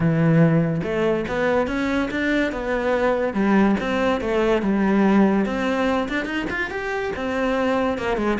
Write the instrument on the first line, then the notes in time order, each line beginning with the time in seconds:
cello
0.00 E3
0.83 A3
1.28 B3
1.67 C#4
2.11 D4
2.52 B3
3.33 G3
3.80 C4
4.21 A3
4.62 G3
5.45 C4
6.08 D4
6.25 D#4
6.49 F4
6.70 G4
7.15 C4
7.98 A#3
8.17 G#3